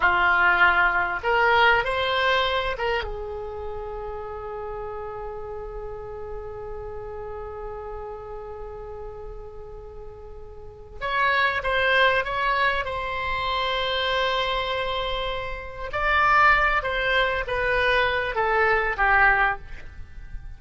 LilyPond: \new Staff \with { instrumentName = "oboe" } { \time 4/4 \tempo 4 = 98 f'2 ais'4 c''4~ | c''8 ais'8 gis'2.~ | gis'1~ | gis'1~ |
gis'2 cis''4 c''4 | cis''4 c''2.~ | c''2 d''4. c''8~ | c''8 b'4. a'4 g'4 | }